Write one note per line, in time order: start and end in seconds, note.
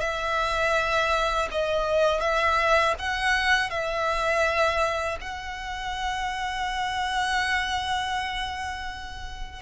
0.00 1.48 E5
1.51 2.20 D#5
2.20 2.94 E5
2.99 3.70 F#5
3.70 5.18 E5
5.21 9.62 F#5